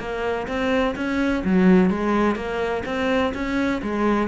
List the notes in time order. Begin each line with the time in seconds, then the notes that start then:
0.00 A#3
0.48 C4
0.96 C#4
1.45 F#3
1.90 G#3
2.36 A#3
2.86 C4
3.34 C#4
3.83 G#3